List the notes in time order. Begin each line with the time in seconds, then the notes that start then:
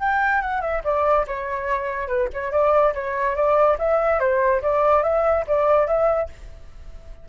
0.00 G5
0.42 F#5
0.62 E5
0.84 D5
1.27 C#5
2.08 B4
2.34 C#5
2.52 D5
2.94 C#5
3.36 D5
3.79 E5
4.20 C5
4.62 D5
5.03 E5
5.48 D5
5.87 E5